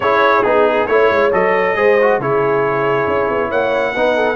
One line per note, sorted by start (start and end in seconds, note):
0.00 0.43 C#4
0.00 0.44 E4
0.00 0.88 G#4
0.00 0.43 C#5
0.43 0.88 B3
0.43 0.88 D#4
0.43 0.86 G#4
0.87 1.10 A3
0.87 1.32 E4
0.87 1.30 C#5
0.87 1.76 C#5
1.10 1.32 G#3
1.32 1.75 F#3
1.32 1.75 A4
1.32 2.21 D#5
1.75 2.18 G#3
1.75 1.97 G#4
1.75 2.19 C5
2.01 2.21 F#4
2.18 3.06 C#3
2.18 3.95 E4
2.18 3.48 G#4
2.18 3.51 C#5
3.07 3.29 C#4
3.29 3.51 B3
3.48 3.95 A#3
3.48 3.92 C#5
3.48 4.35 F#5
3.94 4.35 B3
3.94 4.35 D#4
3.94 4.15 B4
4.15 4.35 A4